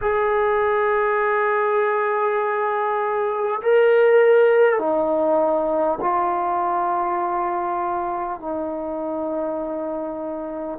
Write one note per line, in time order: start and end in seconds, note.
0.01 3.61 G#4
3.62 4.78 A#4
4.78 5.98 D#4
6.01 8.40 F4
8.40 10.78 D#4